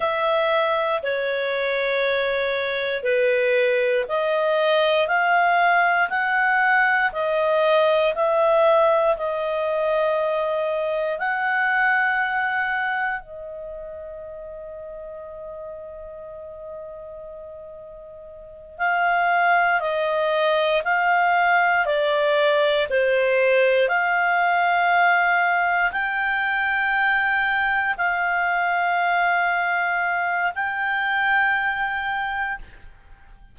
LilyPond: \new Staff \with { instrumentName = "clarinet" } { \time 4/4 \tempo 4 = 59 e''4 cis''2 b'4 | dis''4 f''4 fis''4 dis''4 | e''4 dis''2 fis''4~ | fis''4 dis''2.~ |
dis''2~ dis''8 f''4 dis''8~ | dis''8 f''4 d''4 c''4 f''8~ | f''4. g''2 f''8~ | f''2 g''2 | }